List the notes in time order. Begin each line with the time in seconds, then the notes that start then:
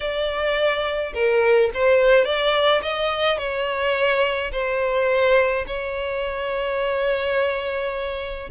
0.00 D5
1.13 A#4
1.73 C5
2.25 D5
2.82 D#5
3.38 C#5
4.52 C5
5.67 C#5